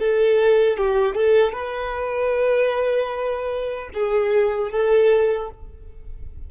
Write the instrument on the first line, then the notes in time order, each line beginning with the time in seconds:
violin
0.00 A4
0.78 G4
1.15 A4
1.53 B4
3.94 G#4
4.71 A4